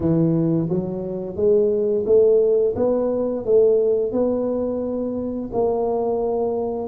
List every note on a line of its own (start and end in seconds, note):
0.00 0.69 E3
0.69 1.35 F#3
1.35 2.04 G#3
2.06 2.75 A3
2.76 3.45 B3
3.45 4.12 A3
4.12 5.50 B3
5.52 6.87 A#3